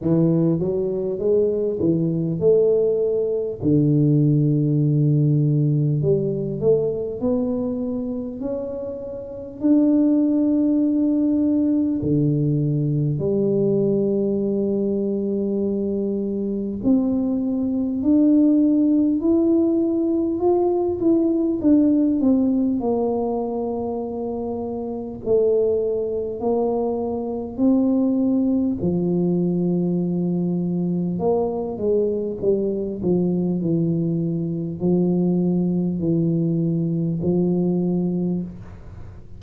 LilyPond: \new Staff \with { instrumentName = "tuba" } { \time 4/4 \tempo 4 = 50 e8 fis8 gis8 e8 a4 d4~ | d4 g8 a8 b4 cis'4 | d'2 d4 g4~ | g2 c'4 d'4 |
e'4 f'8 e'8 d'8 c'8 ais4~ | ais4 a4 ais4 c'4 | f2 ais8 gis8 g8 f8 | e4 f4 e4 f4 | }